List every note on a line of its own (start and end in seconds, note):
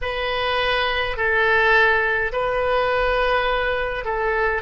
0.01 1.16 B4
1.16 2.32 A4
2.32 4.04 B4
4.04 4.62 A4